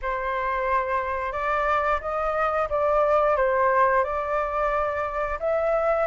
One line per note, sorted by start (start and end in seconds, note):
0.02 1.32 C5
1.32 1.99 D5
2.00 2.68 D#5
2.69 3.36 D5
3.36 4.04 C5
4.04 5.38 D5
5.39 6.06 E5